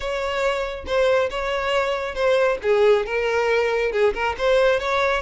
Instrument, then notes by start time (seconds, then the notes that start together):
violin
0.00 C#5
0.86 C5
1.29 C#5
2.14 C5
2.62 G#4
3.06 A#4
3.92 G#4
4.14 A#4
4.38 C5
4.79 C#5